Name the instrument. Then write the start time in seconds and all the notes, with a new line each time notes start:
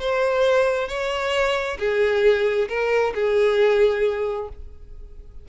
violin
0.00 C5
0.88 C#5
1.79 G#4
2.69 A#4
3.15 G#4